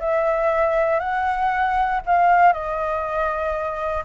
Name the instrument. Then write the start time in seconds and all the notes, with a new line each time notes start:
flute
0.00 E5
0.99 F#5
2.06 F5
2.53 D#5